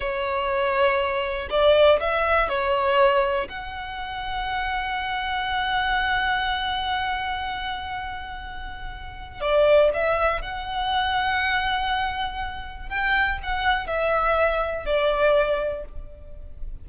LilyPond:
\new Staff \with { instrumentName = "violin" } { \time 4/4 \tempo 4 = 121 cis''2. d''4 | e''4 cis''2 fis''4~ | fis''1~ | fis''1~ |
fis''2. d''4 | e''4 fis''2.~ | fis''2 g''4 fis''4 | e''2 d''2 | }